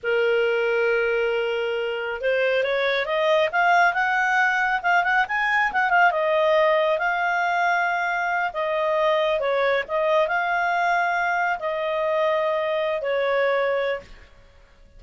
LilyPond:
\new Staff \with { instrumentName = "clarinet" } { \time 4/4 \tempo 4 = 137 ais'1~ | ais'4 c''4 cis''4 dis''4 | f''4 fis''2 f''8 fis''8 | gis''4 fis''8 f''8 dis''2 |
f''2.~ f''8 dis''8~ | dis''4. cis''4 dis''4 f''8~ | f''2~ f''8 dis''4.~ | dis''4.~ dis''16 cis''2~ cis''16 | }